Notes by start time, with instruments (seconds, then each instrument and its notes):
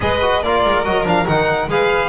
0.00 double bass G#3, trombone G#4, violin B4 D#5
0.22 trombone F#4
0.42 double bass A#3, trombone F4, violin A#4 D5
0.64 double bass G#3
0.84 double bass F#3, trombone F#4, violin D#5
1.04 double bass F3, trombone D4, violin F5
1.27 double bass D#3, trombone D#4, violin F#5
1.67 double bass G#3, trombone G#4, violin B4 F5